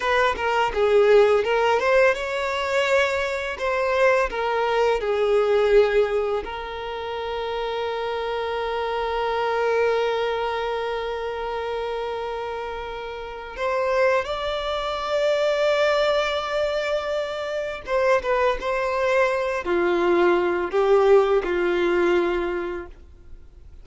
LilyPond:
\new Staff \with { instrumentName = "violin" } { \time 4/4 \tempo 4 = 84 b'8 ais'8 gis'4 ais'8 c''8 cis''4~ | cis''4 c''4 ais'4 gis'4~ | gis'4 ais'2.~ | ais'1~ |
ais'2. c''4 | d''1~ | d''4 c''8 b'8 c''4. f'8~ | f'4 g'4 f'2 | }